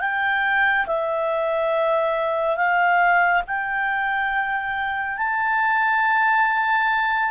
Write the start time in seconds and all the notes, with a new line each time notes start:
0.00 G5
0.86 E5
2.56 F5
3.47 G5
5.17 A5